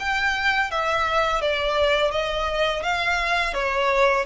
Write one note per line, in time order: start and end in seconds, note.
0.00 0.71 G5
0.71 1.42 E5
1.42 2.12 D5
2.12 2.83 D#5
2.83 3.54 F5
3.54 4.25 C#5